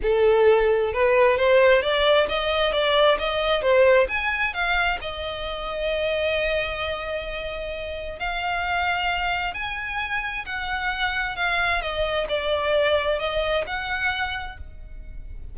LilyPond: \new Staff \with { instrumentName = "violin" } { \time 4/4 \tempo 4 = 132 a'2 b'4 c''4 | d''4 dis''4 d''4 dis''4 | c''4 gis''4 f''4 dis''4~ | dis''1~ |
dis''2 f''2~ | f''4 gis''2 fis''4~ | fis''4 f''4 dis''4 d''4~ | d''4 dis''4 fis''2 | }